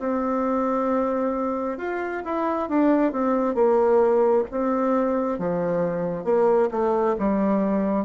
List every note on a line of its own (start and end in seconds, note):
0.00 1.78 C4
1.78 2.23 F4
2.25 2.69 E4
2.69 3.13 D4
3.13 3.55 C4
3.55 4.45 A#3
4.51 5.39 C4
5.39 6.25 F3
6.25 6.70 A#3
6.72 7.16 A3
7.19 8.06 G3